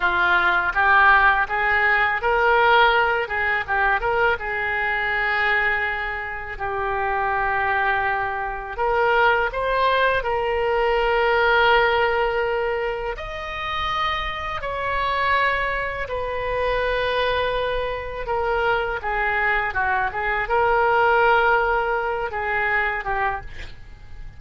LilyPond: \new Staff \with { instrumentName = "oboe" } { \time 4/4 \tempo 4 = 82 f'4 g'4 gis'4 ais'4~ | ais'8 gis'8 g'8 ais'8 gis'2~ | gis'4 g'2. | ais'4 c''4 ais'2~ |
ais'2 dis''2 | cis''2 b'2~ | b'4 ais'4 gis'4 fis'8 gis'8 | ais'2~ ais'8 gis'4 g'8 | }